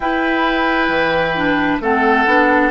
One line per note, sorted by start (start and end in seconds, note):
0.00 0.88 E4
0.00 1.36 E4
0.00 1.82 B4
0.00 1.78 G5
0.88 1.79 E3
1.36 1.81 D4
1.80 2.25 A3
1.80 2.26 C4
1.80 2.71 A4
1.80 2.71 F#5
2.26 2.71 B3
2.26 2.71 D4